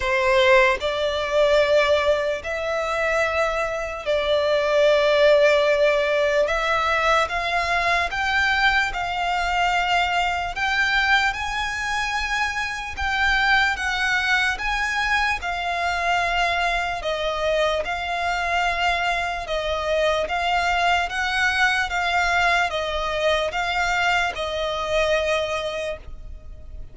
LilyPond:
\new Staff \with { instrumentName = "violin" } { \time 4/4 \tempo 4 = 74 c''4 d''2 e''4~ | e''4 d''2. | e''4 f''4 g''4 f''4~ | f''4 g''4 gis''2 |
g''4 fis''4 gis''4 f''4~ | f''4 dis''4 f''2 | dis''4 f''4 fis''4 f''4 | dis''4 f''4 dis''2 | }